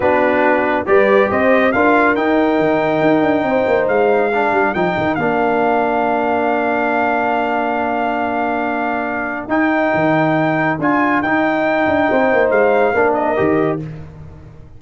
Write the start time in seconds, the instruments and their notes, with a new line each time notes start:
0.00 tuba B3, trombone D4, horn F#4, trumpet B4
0.86 tuba G3, trombone G4, horn B4, trumpet D5
1.30 tuba C4, horn C5, trumpet D#5
1.72 tuba D4, trombone F4, horn A#4, trumpet F5
2.15 trombone D#4, tuba D#4, trumpet G5
2.58 tuba D#3
3.01 tuba D#4
3.21 tuba D4
3.43 tuba C4, horn C5
3.67 tuba A#3
3.87 tuba G#3, trumpet F5
4.33 trombone D4, horn A#4
4.52 tuba G3
4.74 tuba F3, trombone D#4, trumpet G5
4.97 tuba D#3
5.14 tuba A#3, trombone D4, trumpet F5
9.47 tuba D#4, trombone D#4, trumpet G5
9.94 tuba D#3
10.79 tuba D4, trombone F4, trumpet G#5
11.21 tuba D#4, trombone D#4, trumpet G5
11.87 tuba D4
12.10 tuba C4, horn C5
12.33 tuba A#3
12.50 tuba G#3, trumpet F5
12.94 tuba A#3, trombone D4, horn A#4
13.13 trumpet D#5
13.36 tuba D#3, trombone G4